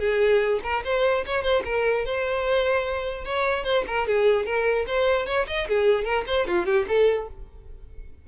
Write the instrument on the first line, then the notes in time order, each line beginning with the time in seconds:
violin
0.00 G#4
0.64 A#4
0.85 C5
1.26 C#5
1.43 C5
1.65 A#4
2.06 C5
3.25 C#5
3.65 C5
3.87 A#4
4.08 G#4
4.46 A#4
4.87 C5
5.27 C#5
5.48 D#5
5.68 G#4
6.05 A#4
6.27 C5
6.47 F4
6.66 G4
6.88 A4